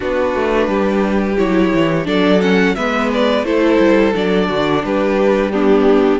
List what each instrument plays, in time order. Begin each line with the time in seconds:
0.00 cello B3, viola D4, violin F#4 B4
0.34 cello A3
0.67 cello G3, violin G4
1.37 cello F#3, viola E4, violin C#5
1.74 cello E3
2.04 cello F#3, viola D4, violin A4 D5
2.41 viola C#4, violin F#5
2.75 cello G#3, viola B3, violin B4 E5
3.13 violin D5
3.43 cello A3, viola E4, violin A4 C5
3.79 cello G3
4.14 cello F#3, viola D4, violin D5
4.48 cello D3, violin F#4
4.83 cello G3, violin G4 B4
5.51 viola B3, violin D4 G4